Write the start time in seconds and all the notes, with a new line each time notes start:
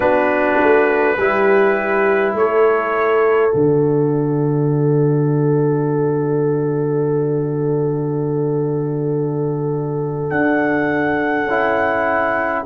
0.00 B3 D4 F#4 B4
0.61 A3
1.17 G3 E4 G4
2.33 A3 A4 C#5
3.51 D3 F#4 D5
10.29 D4 F#5
11.45 C#4 E4